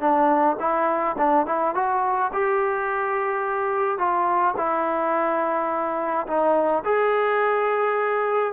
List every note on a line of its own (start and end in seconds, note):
0.00 0.57 D4
0.60 1.16 E4
1.18 1.46 D4
1.46 1.74 E4
1.75 2.31 F#4
2.33 3.98 G4
3.98 4.55 F4
4.57 6.27 E4
6.27 6.83 D#4
6.84 8.53 G#4